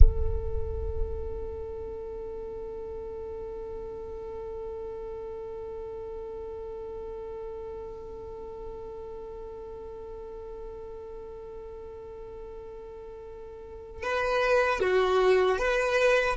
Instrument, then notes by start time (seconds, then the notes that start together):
violin
0.00 A4
14.03 B4
14.80 F#4
15.58 B4